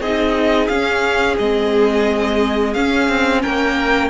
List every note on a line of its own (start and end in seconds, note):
0.00 0.68 C4
0.00 0.71 D#4
0.00 3.41 G#4
0.00 0.67 D#5
0.67 1.37 C#4
0.67 1.39 C#4
0.67 1.35 F5
1.38 2.75 G#3
1.38 2.75 C4
1.38 2.73 D#5
2.73 3.09 C#4
2.73 4.10 C#4
2.73 3.41 F5
3.09 3.43 C4
3.42 4.10 A#3
3.42 4.10 A#4
3.42 4.10 G5